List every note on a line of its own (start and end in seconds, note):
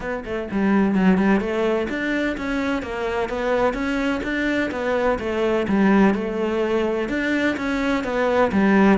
0.00 0.24 B3
0.24 0.48 A3
0.51 0.95 G3
0.95 1.17 F#3
1.17 1.40 G3
1.40 1.87 A3
1.89 2.36 D4
2.37 2.82 C#4
2.82 3.29 A#3
3.29 3.73 B3
3.73 4.20 C#4
4.23 4.70 D4
4.71 5.18 B3
5.19 5.66 A3
5.67 6.14 G3
6.14 7.08 A3
7.09 7.56 D4
7.57 8.04 C#4
8.04 8.51 B3
8.52 8.98 G3